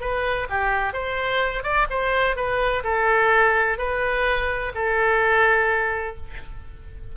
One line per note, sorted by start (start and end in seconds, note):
0.00 0.47 B4
0.49 0.93 G4
0.93 1.63 C5
1.63 1.87 D5
1.90 2.36 C5
2.36 2.83 B4
2.83 3.78 A4
3.78 4.72 B4
4.75 6.16 A4